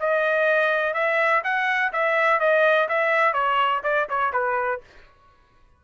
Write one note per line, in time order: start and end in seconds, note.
0.00 0.94 D#5
0.94 1.42 E5
1.44 1.92 F#5
1.93 2.40 E5
2.40 2.88 D#5
2.89 3.33 E5
3.33 3.82 C#5
3.84 4.08 D5
4.09 4.33 C#5
4.33 4.81 B4